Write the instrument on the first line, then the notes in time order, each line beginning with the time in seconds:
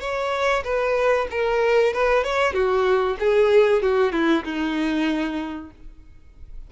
violin
0.00 C#5
0.64 B4
1.30 A#4
1.93 B4
2.23 C#5
2.53 F#4
3.19 G#4
3.82 F#4
4.12 E4
4.44 D#4